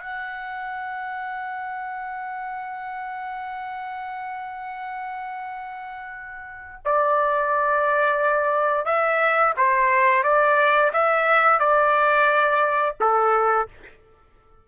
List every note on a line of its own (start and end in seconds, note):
0.00 6.82 F#5
6.85 8.86 D5
8.86 9.54 E5
9.57 10.24 C5
10.24 10.92 D5
10.93 11.60 E5
11.60 12.96 D5
13.00 13.69 A4